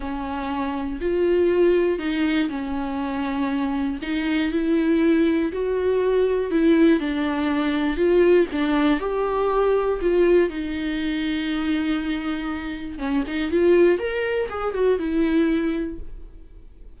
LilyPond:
\new Staff \with { instrumentName = "viola" } { \time 4/4 \tempo 4 = 120 cis'2 f'2 | dis'4 cis'2. | dis'4 e'2 fis'4~ | fis'4 e'4 d'2 |
f'4 d'4 g'2 | f'4 dis'2.~ | dis'2 cis'8 dis'8 f'4 | ais'4 gis'8 fis'8 e'2 | }